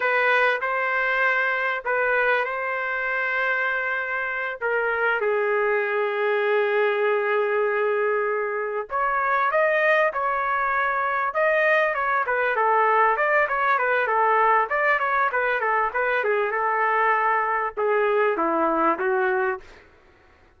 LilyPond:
\new Staff \with { instrumentName = "trumpet" } { \time 4/4 \tempo 4 = 98 b'4 c''2 b'4 | c''2.~ c''8 ais'8~ | ais'8 gis'2.~ gis'8~ | gis'2~ gis'8 cis''4 dis''8~ |
dis''8 cis''2 dis''4 cis''8 | b'8 a'4 d''8 cis''8 b'8 a'4 | d''8 cis''8 b'8 a'8 b'8 gis'8 a'4~ | a'4 gis'4 e'4 fis'4 | }